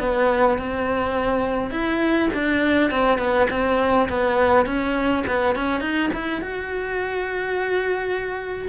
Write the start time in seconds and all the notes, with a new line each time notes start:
0.00 B3
0.59 C4
1.71 E4
2.34 D4
2.91 C4
3.19 B3
3.51 C4
4.09 B3
4.66 C#4
5.27 B3
5.56 C#4
5.81 D#4
6.14 E4
6.42 F#4